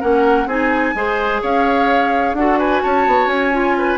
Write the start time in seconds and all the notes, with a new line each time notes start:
0.00 A#3 C#4 A#4 F#5
0.46 C4 D#4 G#4 G#5
0.94 G#3 G#4 C5
1.42 C#4 C#5 F5
2.33 D4 F#4 A4 F#5
2.58 B4 G#5
2.82 C#4 C#5 A5
3.06 B3
3.26 C#4 G#5
3.51 F4
3.77 B4